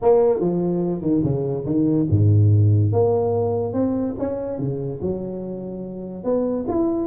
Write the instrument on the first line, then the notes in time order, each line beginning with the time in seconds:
tuba
0.02 A#3
0.40 F3
1.01 D#3
1.23 C#3
1.65 D#3
2.09 G#2
2.92 A#3
3.73 C4
4.18 C#4
4.58 C#3
5.01 F#3
6.24 B3
6.67 E4